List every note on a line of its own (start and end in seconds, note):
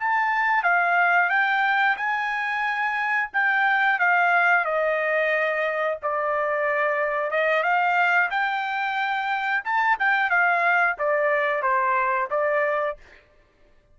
0.00 0.63 A5
0.63 1.30 F5
1.30 1.97 G5
1.97 3.31 G#5
3.33 4.00 G5
4.00 4.65 F5
4.65 5.98 D#5
6.03 7.32 D5
7.32 7.63 D#5
7.63 8.30 F5
8.31 9.64 G5
9.65 9.98 A5
10.00 10.30 G5
10.30 10.97 F5
10.99 11.63 D5
11.63 12.29 C5
12.31 12.98 D5